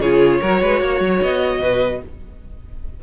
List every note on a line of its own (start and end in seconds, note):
0.00 0.40 C#3
0.00 0.43 F4
0.00 0.41 G#4
0.00 1.21 C#5
0.41 0.63 F#3
0.41 2.03 F#4
0.41 0.61 A#4
0.62 0.81 G#3
0.62 0.82 B4
0.81 1.01 A#3
0.81 1.61 C#5
1.01 1.21 F#3
1.22 1.60 B3
1.22 2.03 D#5
1.60 2.00 B2
1.60 2.01 B4